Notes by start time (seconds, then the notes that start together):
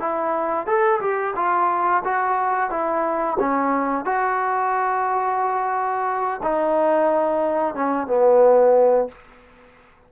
0.00 E4
0.67 A4
1.01 G4
1.36 F4
2.05 F#4
2.71 E4
3.40 C#4
4.05 F#4
6.43 D#4
7.75 C#4
8.07 B3